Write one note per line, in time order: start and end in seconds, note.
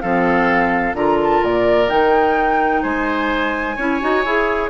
0.00 0.93 F3
0.00 0.95 C4
0.00 0.96 A4
0.00 0.94 F5
0.93 1.40 D3
0.93 1.88 F4
0.93 2.82 A#4
0.93 1.19 A#5
1.23 1.44 A5
1.43 1.90 A#2
1.43 1.89 D5
1.88 2.83 D#3
1.88 3.75 D#4
1.88 2.83 G5
2.82 3.77 G#3
2.82 3.76 C5
2.82 4.69 G#5
3.76 4.01 C#4
3.76 4.00 E4
3.76 4.69 C#5
4.00 4.25 D#4
4.00 4.24 F#4
4.25 4.69 E4
4.25 4.69 G#4